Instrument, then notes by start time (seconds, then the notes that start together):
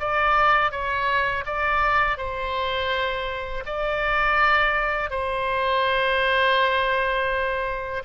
oboe
0.00 D5
0.72 C#5
1.46 D5
2.18 C5
3.66 D5
5.11 C5